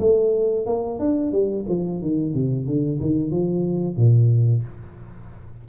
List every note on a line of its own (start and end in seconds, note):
0.00 0.66 A3
0.66 0.99 A#3
0.99 1.32 D4
1.32 1.66 G3
1.68 2.02 F3
2.02 2.35 D#3
2.35 2.67 C3
2.67 3.00 D3
3.01 3.31 D#3
3.31 3.97 F3
3.97 4.64 A#2